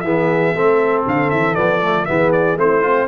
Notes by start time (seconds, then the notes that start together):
0.00 E3 B3 G#4 E5
0.55 A3 C4 A4
1.06 D3 F5
1.30 E3 E5
1.55 F3 B3 D5
1.82 A3
2.05 E3 B3 G#4 E5
2.32 D5
2.56 A3 C4 E4 C5
2.81 C4 F4